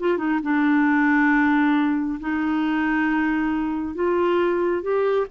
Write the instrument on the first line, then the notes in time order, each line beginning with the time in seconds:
clarinet
0.00 F4
0.18 D#4
0.43 D4
2.20 D#4
3.95 F4
4.82 G4